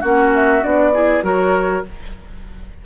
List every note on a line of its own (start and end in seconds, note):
0.00 0.63 A#3
0.00 0.62 C#4
0.00 0.91 F#4
0.00 0.31 F#5
0.34 0.63 E5
0.62 1.22 B3
0.62 0.93 D4
0.62 1.24 D5
0.93 1.22 E4
0.93 1.24 G#4
1.22 1.83 F#3
1.22 1.83 F#4
1.22 1.84 A#4
1.22 1.85 C#5